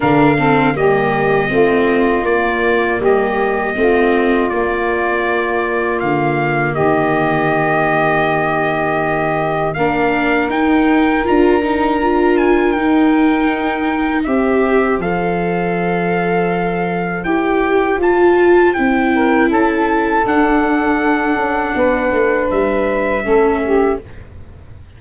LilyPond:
<<
  \new Staff \with { instrumentName = "trumpet" } { \time 4/4 \tempo 4 = 80 f''4 dis''2 d''4 | dis''2 d''2 | f''4 dis''2.~ | dis''4 f''4 g''4 ais''4~ |
ais''8 gis''8 g''2 e''4 | f''2. g''4 | a''4 g''4 a''4 fis''4~ | fis''2 e''2 | }
  \new Staff \with { instrumentName = "saxophone" } { \time 4/4 ais'8 a'8 g'4 f'2 | g'4 f'2.~ | f'4 g'2.~ | g'4 ais'2.~ |
ais'2. c''4~ | c''1~ | c''4. ais'8 a'2~ | a'4 b'2 a'8 g'8 | }
  \new Staff \with { instrumentName = "viola" } { \time 4/4 d'8 c'8 ais4 c'4 ais4~ | ais4 c'4 ais2~ | ais1~ | ais4 d'4 dis'4 f'8 dis'8 |
f'4 dis'2 g'4 | a'2. g'4 | f'4 e'2 d'4~ | d'2. cis'4 | }
  \new Staff \with { instrumentName = "tuba" } { \time 4/4 d4 g4 a4 ais4 | g4 a4 ais2 | d4 dis2.~ | dis4 ais4 dis'4 d'4~ |
d'4 dis'2 c'4 | f2. e'4 | f'4 c'4 cis'4 d'4~ | d'8 cis'8 b8 a8 g4 a4 | }
>>